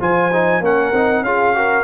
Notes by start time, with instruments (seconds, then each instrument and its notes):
0.00 tuba F3, trombone F4, horn C5, trumpet G#5
0.33 trombone D#4
0.61 tuba A#3, trombone C#4, horn A#4, trumpet F#5
0.92 tuba C4, trombone D#4
1.21 tuba C#4, trombone F4, horn G#4, trumpet F5
1.55 trombone F#4, horn A#4